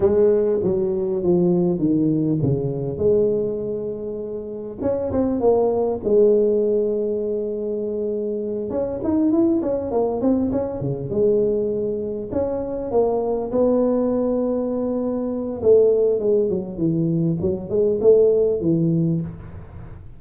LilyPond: \new Staff \with { instrumentName = "tuba" } { \time 4/4 \tempo 4 = 100 gis4 fis4 f4 dis4 | cis4 gis2. | cis'8 c'8 ais4 gis2~ | gis2~ gis8 cis'8 dis'8 e'8 |
cis'8 ais8 c'8 cis'8 cis8 gis4.~ | gis8 cis'4 ais4 b4.~ | b2 a4 gis8 fis8 | e4 fis8 gis8 a4 e4 | }